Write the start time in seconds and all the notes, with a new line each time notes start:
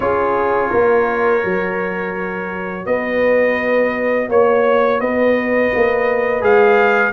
0.00 C#4 F4 G#4 C#5
0.70 A#3 A#4
1.42 F#3 F#4
2.86 B3 B4 D#5
4.28 A#3 C#5
5.00 B3 B4 D#5
5.74 A#3
6.40 G#3 G#4 F5